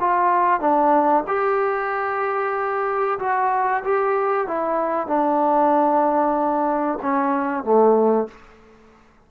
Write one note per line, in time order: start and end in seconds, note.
0.00 0.60 F4
0.60 1.24 D4
1.28 3.19 G4
3.20 3.84 F#4
3.84 4.47 G4
4.47 5.07 E4
5.07 6.99 D4
7.02 7.64 C#4
7.64 8.28 A3